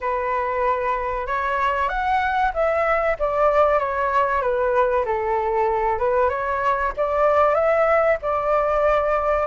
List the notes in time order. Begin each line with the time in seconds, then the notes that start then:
0.00 B4
1.26 C#5
1.89 F#5
2.53 E5
3.19 D5
3.79 C#5
4.41 B4
5.05 A4
5.99 B4
6.29 C#5
6.96 D5
7.54 E5
8.22 D5